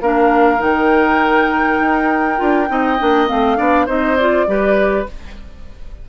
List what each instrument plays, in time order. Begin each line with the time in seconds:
0.00 bassoon A#3, clarinet D4, oboe A#4, flute F5
0.57 bassoon D#3, clarinet D#4, flute G5
1.79 bassoon D#4
2.36 bassoon D4, clarinet F4
2.67 bassoon C4, clarinet D#4, oboe D#5
2.98 bassoon A#3, clarinet D4
3.27 bassoon A3, clarinet C4, flute F5
3.56 bassoon B3, clarinet D4, oboe D5
3.85 bassoon C4, clarinet D#4, oboe C5, flute D#5
4.17 clarinet F4, flute D5
4.46 bassoon G3, clarinet G4, oboe B4